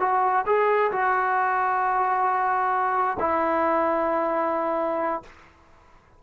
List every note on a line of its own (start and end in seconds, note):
0.00 0.45 F#4
0.46 0.91 G#4
0.92 3.18 F#4
3.20 5.23 E4